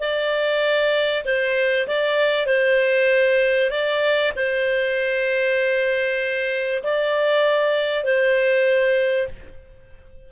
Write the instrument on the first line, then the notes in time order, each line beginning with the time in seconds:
clarinet
0.00 D5
1.25 C5
1.88 D5
2.47 C5
3.71 D5
4.36 C5
6.84 D5
8.04 C5